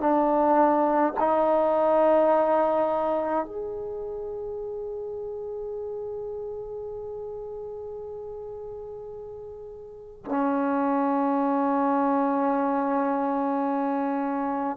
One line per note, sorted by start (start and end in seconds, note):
0.00 1.13 D4
1.20 3.46 D#4
3.46 10.25 G#4
10.25 14.77 C#4